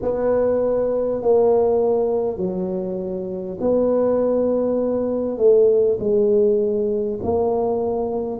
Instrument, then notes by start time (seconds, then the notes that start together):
tuba
0.02 B3
1.22 A#3
2.37 F#3
3.60 B3
5.37 A3
5.99 G#3
7.22 A#3